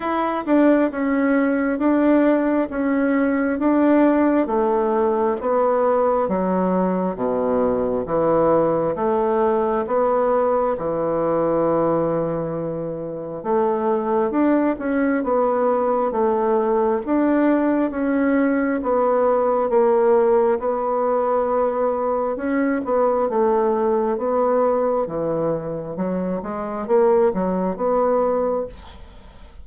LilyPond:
\new Staff \with { instrumentName = "bassoon" } { \time 4/4 \tempo 4 = 67 e'8 d'8 cis'4 d'4 cis'4 | d'4 a4 b4 fis4 | b,4 e4 a4 b4 | e2. a4 |
d'8 cis'8 b4 a4 d'4 | cis'4 b4 ais4 b4~ | b4 cis'8 b8 a4 b4 | e4 fis8 gis8 ais8 fis8 b4 | }